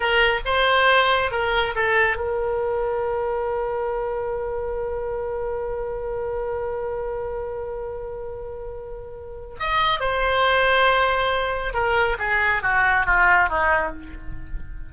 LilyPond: \new Staff \with { instrumentName = "oboe" } { \time 4/4 \tempo 4 = 138 ais'4 c''2 ais'4 | a'4 ais'2.~ | ais'1~ | ais'1~ |
ais'1~ | ais'2 dis''4 c''4~ | c''2. ais'4 | gis'4 fis'4 f'4 dis'4 | }